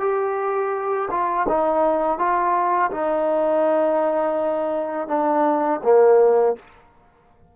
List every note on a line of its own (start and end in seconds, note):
0.00 1.08 G4
1.10 1.47 F4
1.49 2.19 D#4
2.19 2.91 F4
2.91 5.08 D#4
5.08 5.80 D4
5.83 6.56 A#3